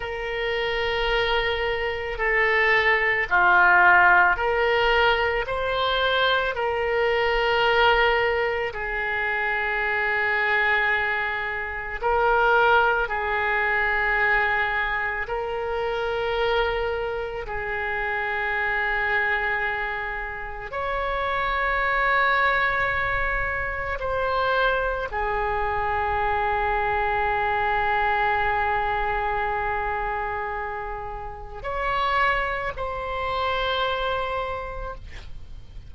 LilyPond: \new Staff \with { instrumentName = "oboe" } { \time 4/4 \tempo 4 = 55 ais'2 a'4 f'4 | ais'4 c''4 ais'2 | gis'2. ais'4 | gis'2 ais'2 |
gis'2. cis''4~ | cis''2 c''4 gis'4~ | gis'1~ | gis'4 cis''4 c''2 | }